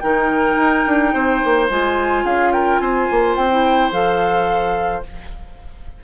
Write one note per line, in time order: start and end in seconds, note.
0.00 0.56 D#3
0.00 1.70 D#4
0.00 1.14 A#4
0.00 1.67 G5
0.56 0.84 D#4
0.87 1.14 D4
1.14 1.42 C4
1.14 2.25 C5
1.44 1.70 A#3
1.70 2.25 G#3
1.70 3.51 F4
1.70 2.26 G#5
2.25 2.80 C#4
2.25 2.52 G#4
2.25 2.53 F5
2.53 2.81 A#4
2.53 2.79 G5
2.79 3.08 C4
2.79 5.04 C5
2.79 3.35 G#5
3.11 3.36 A#3
3.36 3.92 C4
3.36 3.92 G5
3.51 3.92 E4
3.92 5.03 F3
3.92 5.04 A4
3.92 5.04 F5